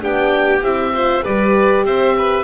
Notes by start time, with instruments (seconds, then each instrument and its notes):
0.00 double bass B3, horn D4, violin G4, oboe G5
0.62 double bass C4, horn E4, oboe E5
0.93 horn F4, violin C5
1.23 double bass G3, horn G4, violin B4, oboe D5
1.84 double bass C4, violin C5, oboe E5
2.18 violin B4